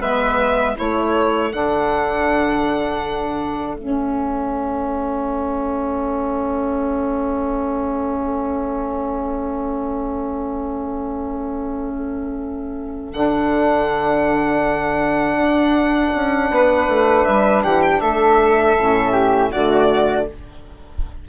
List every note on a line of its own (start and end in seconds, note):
0.00 0.75 G#3
0.00 0.75 B3
0.00 0.75 B4
0.00 0.76 E5
0.75 1.53 A3
0.75 1.50 E4
0.75 16.50 A4
0.75 1.53 C#5
1.52 3.75 D3
1.52 3.77 D4
1.52 3.76 F#5
3.75 13.13 A3
3.75 13.14 C#4
3.75 13.13 E5
13.13 15.35 D3
13.13 18.76 D4
13.13 17.24 F#5
15.35 16.10 D4
16.15 16.50 C#4
16.50 16.87 B3
16.50 17.63 B4
16.88 17.25 A3
17.24 17.64 G3
17.24 17.62 E5
17.63 18.01 E3
17.63 18.00 G4
17.63 17.82 F#5
17.82 18.00 G5
18.00 18.76 A3
18.00 19.11 A4
18.00 19.50 E5
18.77 19.52 A2
18.77 19.52 C#4
19.11 19.49 G4
19.49 20.28 D3
19.49 20.27 A3
19.49 20.24 F#4
19.49 20.27 D5